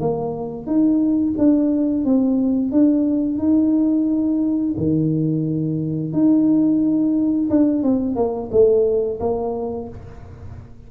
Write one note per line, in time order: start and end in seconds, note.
0.00 0.66 A#3
0.66 1.35 D#4
1.38 2.05 D4
2.05 2.72 C4
2.72 3.38 D4
3.38 4.75 D#4
4.77 6.13 D#3
6.13 7.49 D#4
7.50 7.83 D4
7.83 8.16 C4
8.16 8.50 A#3
8.52 9.20 A3
9.20 9.88 A#3